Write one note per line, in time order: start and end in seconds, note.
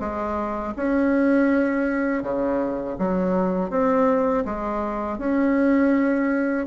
0.00 0.74 G#3
0.76 2.23 C#4
2.23 2.97 C#3
2.99 3.71 F#3
3.71 4.45 C4
4.45 5.19 G#3
5.19 6.67 C#4